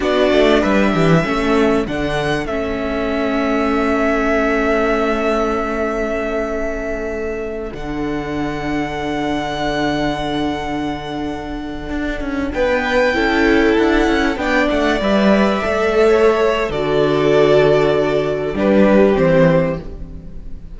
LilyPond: <<
  \new Staff \with { instrumentName = "violin" } { \time 4/4 \tempo 4 = 97 d''4 e''2 fis''4 | e''1~ | e''1~ | e''8 fis''2.~ fis''8~ |
fis''1~ | fis''16 g''2 fis''4 g''8 fis''16~ | fis''16 e''2~ e''8. d''4~ | d''2 b'4 c''4 | }
  \new Staff \with { instrumentName = "violin" } { \time 4/4 fis'4 b'8 g'8 a'2~ | a'1~ | a'1~ | a'1~ |
a'1~ | a'16 b'4 a'2 d''8.~ | d''2 cis''4 a'4~ | a'2 g'2 | }
  \new Staff \with { instrumentName = "viola" } { \time 4/4 d'2 cis'4 d'4 | cis'1~ | cis'1~ | cis'8 d'2.~ d'8~ |
d'1~ | d'4~ d'16 e'2 d'8.~ | d'16 b'4 a'4.~ a'16 fis'4~ | fis'2 d'4 c'4 | }
  \new Staff \with { instrumentName = "cello" } { \time 4/4 b8 a8 g8 e8 a4 d4 | a1~ | a1~ | a8 d2.~ d8~ |
d2.~ d16 d'8 cis'16~ | cis'16 b4 cis'4 d'8 cis'8 b8 a16~ | a16 g4 a4.~ a16 d4~ | d2 g4 e4 | }
>>